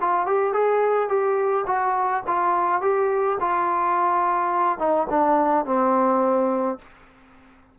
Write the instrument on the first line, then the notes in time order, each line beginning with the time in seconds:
trombone
0.00 F4
0.26 G4
0.53 G#4
1.08 G4
1.66 F#4
2.27 F4
2.81 G4
3.40 F4
4.78 D#4
5.09 D4
5.65 C4